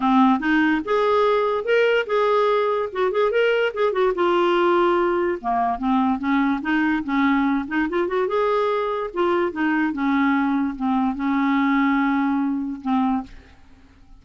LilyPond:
\new Staff \with { instrumentName = "clarinet" } { \time 4/4 \tempo 4 = 145 c'4 dis'4 gis'2 | ais'4 gis'2 fis'8 gis'8 | ais'4 gis'8 fis'8 f'2~ | f'4 ais4 c'4 cis'4 |
dis'4 cis'4. dis'8 f'8 fis'8 | gis'2 f'4 dis'4 | cis'2 c'4 cis'4~ | cis'2. c'4 | }